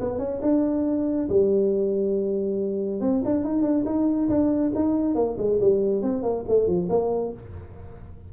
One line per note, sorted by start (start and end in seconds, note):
0.00 0.18 B3
0.18 0.40 C#4
0.41 1.28 D4
1.29 3.00 G3
3.00 3.22 C4
3.24 3.44 D4
3.44 3.62 D#4
3.62 3.83 D4
3.85 4.28 D#4
4.29 4.72 D4
4.75 5.15 D#4
5.15 5.36 A#3
5.37 5.59 G#3
5.60 6.02 G3
6.02 6.22 C4
6.22 6.44 A#3
6.48 6.67 A3
6.67 6.88 F3
6.89 7.32 A#3